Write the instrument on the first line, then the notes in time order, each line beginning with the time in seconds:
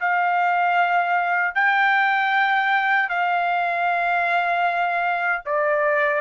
trumpet
0.00 F5
1.55 G5
3.09 F5
5.45 D5